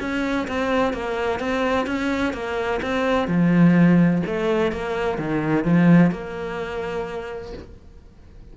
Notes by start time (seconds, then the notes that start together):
0.00 C#4
0.48 C4
0.94 A#3
1.40 C4
1.87 C#4
2.33 A#3
2.82 C4
3.28 F3
4.27 A3
4.72 A#3
5.18 D#3
5.65 F3
6.11 A#3